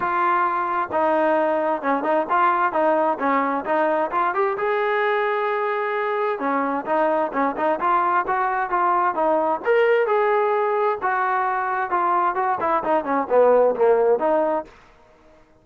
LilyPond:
\new Staff \with { instrumentName = "trombone" } { \time 4/4 \tempo 4 = 131 f'2 dis'2 | cis'8 dis'8 f'4 dis'4 cis'4 | dis'4 f'8 g'8 gis'2~ | gis'2 cis'4 dis'4 |
cis'8 dis'8 f'4 fis'4 f'4 | dis'4 ais'4 gis'2 | fis'2 f'4 fis'8 e'8 | dis'8 cis'8 b4 ais4 dis'4 | }